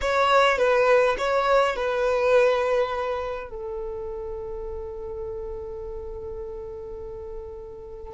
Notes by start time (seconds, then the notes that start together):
0.01 C#5
0.57 B4
1.18 C#5
1.76 B4
3.50 A4